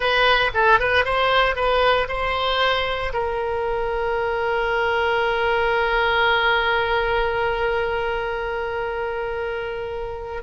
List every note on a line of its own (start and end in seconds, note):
0.00 0.51 B4
0.54 0.79 A4
0.79 1.04 B4
1.04 1.55 C5
1.55 2.07 B4
2.08 3.12 C5
3.13 10.42 A#4